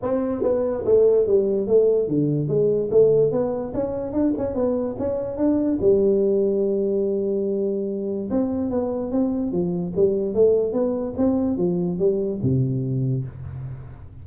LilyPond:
\new Staff \with { instrumentName = "tuba" } { \time 4/4 \tempo 4 = 145 c'4 b4 a4 g4 | a4 d4 gis4 a4 | b4 cis'4 d'8 cis'8 b4 | cis'4 d'4 g2~ |
g1 | c'4 b4 c'4 f4 | g4 a4 b4 c'4 | f4 g4 c2 | }